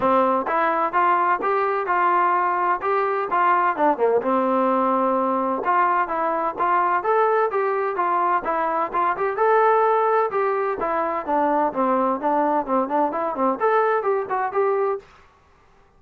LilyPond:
\new Staff \with { instrumentName = "trombone" } { \time 4/4 \tempo 4 = 128 c'4 e'4 f'4 g'4 | f'2 g'4 f'4 | d'8 ais8 c'2. | f'4 e'4 f'4 a'4 |
g'4 f'4 e'4 f'8 g'8 | a'2 g'4 e'4 | d'4 c'4 d'4 c'8 d'8 | e'8 c'8 a'4 g'8 fis'8 g'4 | }